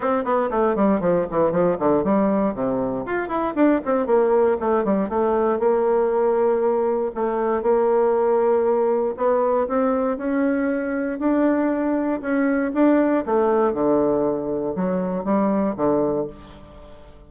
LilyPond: \new Staff \with { instrumentName = "bassoon" } { \time 4/4 \tempo 4 = 118 c'8 b8 a8 g8 f8 e8 f8 d8 | g4 c4 f'8 e'8 d'8 c'8 | ais4 a8 g8 a4 ais4~ | ais2 a4 ais4~ |
ais2 b4 c'4 | cis'2 d'2 | cis'4 d'4 a4 d4~ | d4 fis4 g4 d4 | }